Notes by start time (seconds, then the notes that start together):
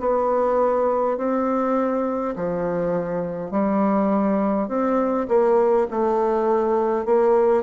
0.00 B3
1.18 C4
2.36 F3
3.51 G3
4.68 C4
5.28 A#3
5.91 A3
7.05 A#3